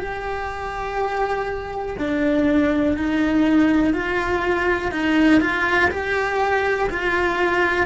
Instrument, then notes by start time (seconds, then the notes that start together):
cello
0.00 G4
1.99 D4
2.97 D#4
3.94 F4
4.92 D#4
5.41 F4
5.91 G4
6.90 F4